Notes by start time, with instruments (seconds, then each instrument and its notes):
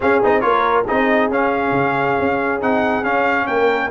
0.00 tuba C#4, trombone C#4, horn G#4, trumpet F5
0.23 tuba C4, trombone D#4, trumpet D#5
0.40 tuba A#3, trombone F4, horn A#4, trumpet C#5
0.85 tuba C4, trombone D#4, horn G#4, trumpet D#5
1.29 tuba C#4, trombone C#4, trumpet F5
1.71 tuba C#3
2.19 tuba C#4
2.61 tuba C4, trombone D#4, trumpet F#5
3.03 tuba C#4, trombone C#4, trumpet F5
3.47 tuba A#3, horn A#4, trumpet G5